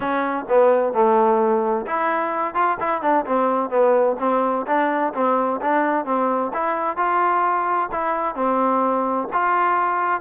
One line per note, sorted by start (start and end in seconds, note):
0.00 0.45 C#4
0.48 0.93 B3
0.93 1.86 A3
1.86 2.54 E4
2.54 2.77 F4
2.79 3.01 E4
3.01 3.25 D4
3.25 3.70 C4
3.70 4.16 B3
4.19 4.65 C4
4.66 5.13 D4
5.14 5.60 C4
5.61 6.05 D4
6.05 6.51 C4
6.53 6.96 E4
6.96 7.89 F4
7.91 8.35 E4
8.35 9.28 C4
9.33 10.21 F4